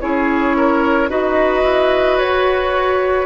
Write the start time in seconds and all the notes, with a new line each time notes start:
0.00 C#4 E4 G#4 C#5
0.57 A#4
1.09 D#4 F#4 B4 D#5
1.63 E4
2.18 F#4 C#5